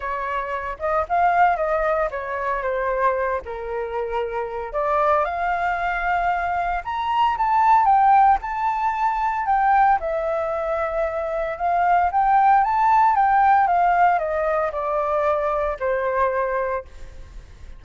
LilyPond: \new Staff \with { instrumentName = "flute" } { \time 4/4 \tempo 4 = 114 cis''4. dis''8 f''4 dis''4 | cis''4 c''4. ais'4.~ | ais'4 d''4 f''2~ | f''4 ais''4 a''4 g''4 |
a''2 g''4 e''4~ | e''2 f''4 g''4 | a''4 g''4 f''4 dis''4 | d''2 c''2 | }